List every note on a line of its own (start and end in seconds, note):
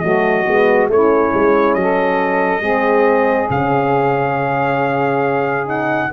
0.00 0.47 F#3
0.00 0.45 A3
0.00 0.91 F#4
0.00 0.87 D#5
0.46 0.89 G#3
0.46 0.89 B3
0.89 1.32 A3
0.89 2.62 C#4
0.89 1.80 E4
0.89 1.74 C#5
1.34 1.75 G#3
1.74 2.61 F#3
1.74 3.48 D#5
1.81 2.62 A4
2.61 3.48 G#3
2.61 3.49 C4
2.61 6.09 G#4
3.49 6.11 C#3
3.49 5.66 C#4
3.49 5.68 F5
5.66 6.09 D#4
5.66 6.12 F#5